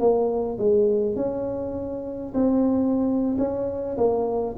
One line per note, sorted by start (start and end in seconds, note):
0.00 0.59 A#3
0.59 1.16 G#3
1.16 2.34 C#4
2.34 3.37 C4
3.39 3.97 C#4
3.98 4.56 A#3